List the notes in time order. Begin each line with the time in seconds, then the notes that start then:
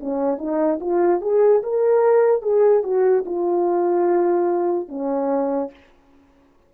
0.00 C#4
0.38 D#4
0.80 F4
1.21 G#4
1.63 A#4
2.42 G#4
2.83 F#4
3.26 F4
4.88 C#4